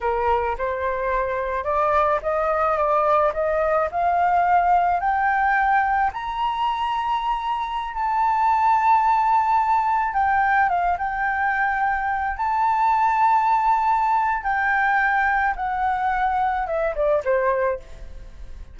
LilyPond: \new Staff \with { instrumentName = "flute" } { \time 4/4 \tempo 4 = 108 ais'4 c''2 d''4 | dis''4 d''4 dis''4 f''4~ | f''4 g''2 ais''4~ | ais''2~ ais''16 a''4.~ a''16~ |
a''2~ a''16 g''4 f''8 g''16~ | g''2~ g''16 a''4.~ a''16~ | a''2 g''2 | fis''2 e''8 d''8 c''4 | }